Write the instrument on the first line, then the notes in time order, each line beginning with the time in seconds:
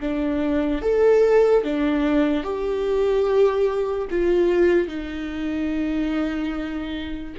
viola
0.00 D4
0.82 A4
1.64 D4
2.43 G4
4.10 F4
4.88 D#4